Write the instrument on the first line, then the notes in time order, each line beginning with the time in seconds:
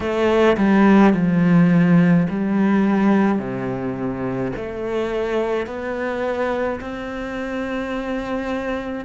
cello
0.00 A3
0.57 G3
1.13 F3
2.29 G3
3.38 C3
4.55 A3
5.66 B3
6.80 C4